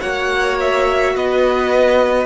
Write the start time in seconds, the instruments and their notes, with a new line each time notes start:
0.00 cello A#3, viola F#4, violin C#5 F#5
0.60 violin E5
1.15 cello B3, violin B4 D#5